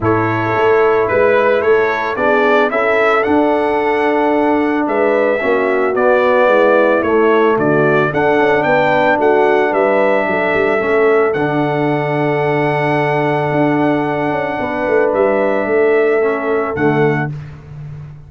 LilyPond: <<
  \new Staff \with { instrumentName = "trumpet" } { \time 4/4 \tempo 4 = 111 cis''2 b'4 cis''4 | d''4 e''4 fis''2~ | fis''4 e''2 d''4~ | d''4 cis''4 d''4 fis''4 |
g''4 fis''4 e''2~ | e''4 fis''2.~ | fis''1 | e''2. fis''4 | }
  \new Staff \with { instrumentName = "horn" } { \time 4/4 a'2 b'4 a'4 | gis'4 a'2.~ | a'4 b'4 fis'2 | e'2 fis'4 a'4 |
b'4 fis'4 b'4 a'4~ | a'1~ | a'2. b'4~ | b'4 a'2. | }
  \new Staff \with { instrumentName = "trombone" } { \time 4/4 e'1 | d'4 e'4 d'2~ | d'2 cis'4 b4~ | b4 a2 d'4~ |
d'1 | cis'4 d'2.~ | d'1~ | d'2 cis'4 a4 | }
  \new Staff \with { instrumentName = "tuba" } { \time 4/4 a,4 a4 gis4 a4 | b4 cis'4 d'2~ | d'4 gis4 ais4 b4 | gis4 a4 d4 d'8 cis'8 |
b4 a4 g4 fis8 g8 | a4 d2.~ | d4 d'4. cis'8 b8 a8 | g4 a2 d4 | }
>>